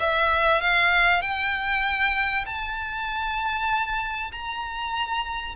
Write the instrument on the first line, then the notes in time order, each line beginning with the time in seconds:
violin
0.00 E5
0.61 F5
1.21 G5
2.46 A5
4.32 A#5